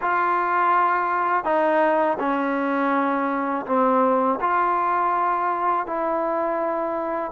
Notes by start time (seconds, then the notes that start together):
0.01 F4
1.44 D#4
2.19 C#4
3.66 C4
4.40 F4
5.86 E4